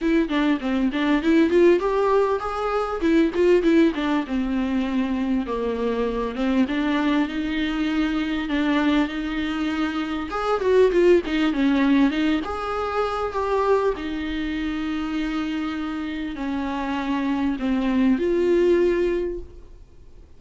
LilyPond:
\new Staff \with { instrumentName = "viola" } { \time 4/4 \tempo 4 = 99 e'8 d'8 c'8 d'8 e'8 f'8 g'4 | gis'4 e'8 f'8 e'8 d'8 c'4~ | c'4 ais4. c'8 d'4 | dis'2 d'4 dis'4~ |
dis'4 gis'8 fis'8 f'8 dis'8 cis'4 | dis'8 gis'4. g'4 dis'4~ | dis'2. cis'4~ | cis'4 c'4 f'2 | }